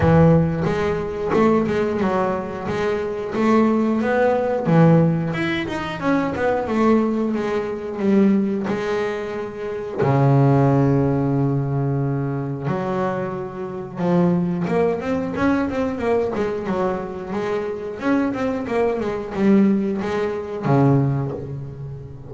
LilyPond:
\new Staff \with { instrumentName = "double bass" } { \time 4/4 \tempo 4 = 90 e4 gis4 a8 gis8 fis4 | gis4 a4 b4 e4 | e'8 dis'8 cis'8 b8 a4 gis4 | g4 gis2 cis4~ |
cis2. fis4~ | fis4 f4 ais8 c'8 cis'8 c'8 | ais8 gis8 fis4 gis4 cis'8 c'8 | ais8 gis8 g4 gis4 cis4 | }